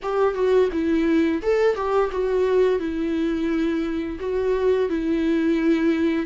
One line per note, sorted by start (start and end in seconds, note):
0.02 0.34 G4
0.34 0.69 F#4
0.72 1.41 E4
1.42 1.75 A4
1.75 2.10 G4
2.11 2.79 F#4
2.79 4.18 E4
4.19 4.89 F#4
4.89 6.25 E4